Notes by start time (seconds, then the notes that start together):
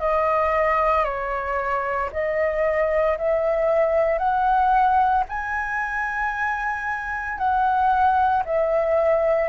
0.00 D#5
1.04 C#5
2.12 D#5
3.18 E5
4.19 F#5
5.29 G#5
7.38 F#5
8.45 E5